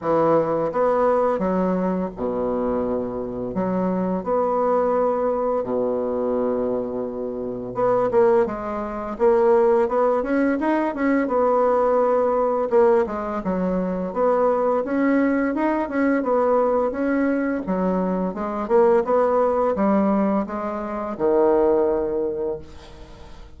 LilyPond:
\new Staff \with { instrumentName = "bassoon" } { \time 4/4 \tempo 4 = 85 e4 b4 fis4 b,4~ | b,4 fis4 b2 | b,2. b8 ais8 | gis4 ais4 b8 cis'8 dis'8 cis'8 |
b2 ais8 gis8 fis4 | b4 cis'4 dis'8 cis'8 b4 | cis'4 fis4 gis8 ais8 b4 | g4 gis4 dis2 | }